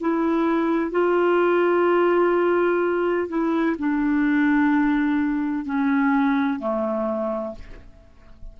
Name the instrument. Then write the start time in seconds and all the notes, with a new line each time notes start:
clarinet
0.00 E4
0.91 F4
3.28 E4
3.78 D4
5.65 C#4
6.59 A3